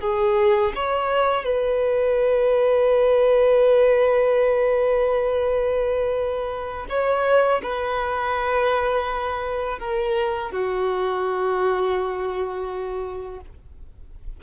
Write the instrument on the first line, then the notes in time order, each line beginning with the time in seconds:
violin
0.00 G#4
0.75 C#5
1.44 B4
6.89 C#5
7.63 B4
9.79 A#4
10.51 F#4